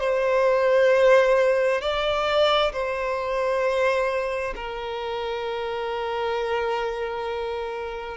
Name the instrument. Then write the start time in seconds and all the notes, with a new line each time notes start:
violin
0.00 C5
1.82 D5
2.73 C5
4.56 A#4